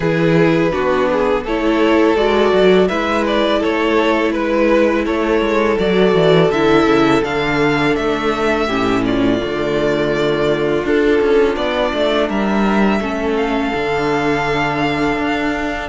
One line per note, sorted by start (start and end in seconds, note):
0.00 0.71 E3
0.00 0.71 E4
0.00 0.72 G#4
0.00 1.44 B4
0.71 1.45 B3
0.71 1.43 D4
0.71 1.09 F#4
1.11 1.43 G#4
1.43 2.16 A3
1.43 2.16 E4
1.43 2.88 A4
1.43 2.16 C#5
2.16 2.52 G#3
2.16 2.88 F#4
2.16 2.88 D5
2.52 2.89 F#3
2.88 3.62 G#3
2.88 5.79 E4
2.88 3.59 B4
2.88 3.24 E5
3.26 3.62 D5
3.59 4.34 A3
3.59 4.31 A4
3.59 4.31 C#5
4.31 5.06 G#3
4.31 5.04 B4
4.31 5.05 B4
5.05 5.41 A3
5.05 8.66 A4
5.05 5.78 C#5
5.41 5.77 G#3
5.78 6.14 F#3
5.78 6.52 F#4
5.78 6.50 D5
6.14 6.50 E3
6.50 6.85 D3
6.50 7.23 E4
6.50 7.23 E5
6.85 7.21 C#3
7.23 7.96 D3
7.23 8.68 D4
7.23 7.95 F5
7.95 8.69 A3
7.95 9.04 E5
8.66 9.41 A2
8.66 9.39 C#4
8.66 9.02 G4
9.05 12.27 F4
9.05 10.85 D5
9.39 10.84 D3
9.39 10.83 A3
10.84 11.20 D4
10.84 13.01 D4
10.84 11.56 A4
11.21 11.56 C#4
11.56 11.92 B3
11.56 12.28 D5
11.93 12.29 A3
12.27 13.00 G3
12.27 12.99 A#4
12.27 13.36 E5
13.00 13.72 A3
13.00 13.73 C#4
13.00 15.88 A4
13.36 15.88 F5
13.74 15.17 D3
13.74 15.88 D4
15.17 15.88 D4